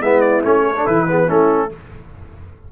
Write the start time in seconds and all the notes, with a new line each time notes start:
0.00 G#3 B3 E4 E5
0.20 D5
0.43 A3 C#4 C#5
0.64 A4
0.75 D4
0.85 E3 E4 B4
1.07 B3 G#4
1.26 A3 C#4 E4 A4